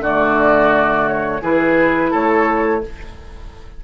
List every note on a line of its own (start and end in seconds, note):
0.00 1.40 D3
0.00 1.42 A3
0.00 1.41 F#4
0.00 1.08 D5
1.08 1.43 C#5
1.41 2.12 E3
1.41 2.81 E4
1.41 2.11 G#4
1.41 2.13 B4
2.11 2.84 A3
2.11 2.81 A4
2.11 2.83 C#5